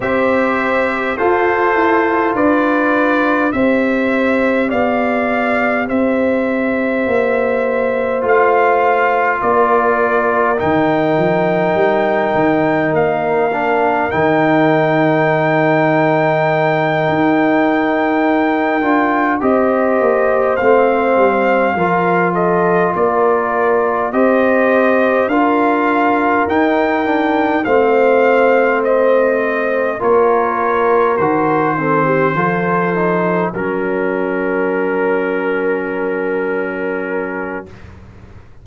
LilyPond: <<
  \new Staff \with { instrumentName = "trumpet" } { \time 4/4 \tempo 4 = 51 e''4 c''4 d''4 e''4 | f''4 e''2 f''4 | d''4 g''2 f''4 | g''1~ |
g''8 dis''4 f''4. dis''8 d''8~ | d''8 dis''4 f''4 g''4 f''8~ | f''8 dis''4 cis''4 c''4.~ | c''8 ais'2.~ ais'8 | }
  \new Staff \with { instrumentName = "horn" } { \time 4/4 c''4 a'4 b'4 c''4 | d''4 c''2. | ais'1~ | ais'1~ |
ais'8 c''2 ais'8 a'8 ais'8~ | ais'8 c''4 ais'2 c''8~ | c''4. ais'4. a'16 g'16 a'8~ | a'8 ais'2.~ ais'8 | }
  \new Staff \with { instrumentName = "trombone" } { \time 4/4 g'4 f'2 g'4~ | g'2. f'4~ | f'4 dis'2~ dis'8 d'8 | dis'1 |
f'8 g'4 c'4 f'4.~ | f'8 g'4 f'4 dis'8 d'8 c'8~ | c'4. f'4 fis'8 c'8 f'8 | dis'8 cis'2.~ cis'8 | }
  \new Staff \with { instrumentName = "tuba" } { \time 4/4 c'4 f'8 e'8 d'4 c'4 | b4 c'4 ais4 a4 | ais4 dis8 f8 g8 dis8 ais4 | dis2~ dis8 dis'4. |
d'8 c'8 ais8 a8 g8 f4 ais8~ | ais8 c'4 d'4 dis'4 a8~ | a4. ais4 dis4 f8~ | f8 fis2.~ fis8 | }
>>